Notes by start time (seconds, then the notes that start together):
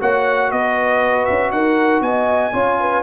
0.00 A#3 F#4 C#5 F#5
0.51 B3 B4 D#5
1.25 C#4 E5
1.51 D#4 A#4 F#5
2.01 B3 D#5 G#5
2.53 C#4 F4 C#5
2.80 B4